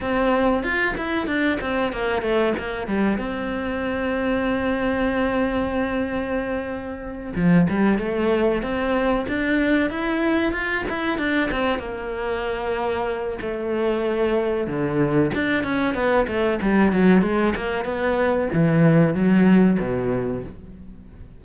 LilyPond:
\new Staff \with { instrumentName = "cello" } { \time 4/4 \tempo 4 = 94 c'4 f'8 e'8 d'8 c'8 ais8 a8 | ais8 g8 c'2.~ | c'2.~ c'8 f8 | g8 a4 c'4 d'4 e'8~ |
e'8 f'8 e'8 d'8 c'8 ais4.~ | ais4 a2 d4 | d'8 cis'8 b8 a8 g8 fis8 gis8 ais8 | b4 e4 fis4 b,4 | }